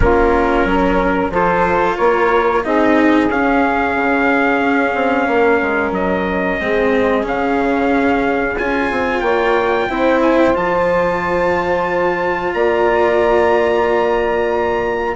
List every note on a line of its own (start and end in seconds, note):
0.00 0.64 A#3
0.00 1.32 C#4
0.00 0.67 F4
0.00 1.28 A#4
0.64 1.29 F#3
0.64 1.31 A#4
1.29 1.95 F3
1.29 2.63 F4
1.29 1.96 A4
1.29 1.96 C5
1.96 2.65 A#3
1.96 2.62 A#4
1.96 2.62 C#5
2.63 3.29 C4
2.63 3.29 D#4
2.63 5.28 G#4
2.63 3.30 D#5
3.29 3.95 C#4
3.29 6.61 C#4
3.29 5.93 F5
3.96 4.60 C#3
4.60 4.93 C#4
4.94 5.27 C4
5.27 5.60 A#3
5.27 6.60 A#4
5.62 5.91 G#3
5.91 6.57 F#3
5.91 7.25 D#5
6.60 7.24 G#3
6.60 7.23 C4
6.60 9.21 G#4
7.23 8.56 C#3
7.23 8.55 C#4
7.23 8.58 F5
8.58 8.90 C#4
8.58 9.89 F4
8.58 9.21 G#5
8.90 9.21 C4
9.21 9.87 A#3
9.21 9.87 C#5
9.21 10.20 G5
9.89 10.55 C4
9.89 10.53 E4
9.89 12.54 C5
10.22 10.38 G#5
10.38 10.55 G5
10.53 12.53 F3
10.53 15.15 F4
10.53 12.53 A5
12.53 15.16 A#3
12.53 15.16 D5
12.53 15.16 A#5